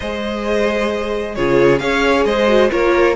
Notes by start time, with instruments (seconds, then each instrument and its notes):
0.00 cello G#3, viola G#4, violin C5 D#5
1.35 cello C#3, viola F4, violin G#4 C#5
1.79 cello C#4, viola G#4, violin C#5 F5
2.25 cello G#3, violin C5 D#5
2.47 viola F#4
2.70 cello A#3, viola F4, violin A#4 C#5